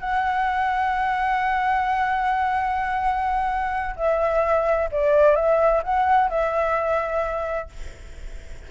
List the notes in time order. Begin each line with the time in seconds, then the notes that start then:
0.00 F#5
3.96 E5
4.92 D5
5.36 E5
5.83 F#5
6.30 E5